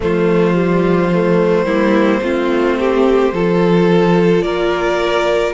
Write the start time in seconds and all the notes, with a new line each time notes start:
0.00 F3 A3 F4 C5
0.54 G3
1.13 A3
1.64 G3 A#3 E4
2.21 A3 C4 F4
2.78 G4
3.33 F3 F4 A4
4.42 A#3 A#4 D5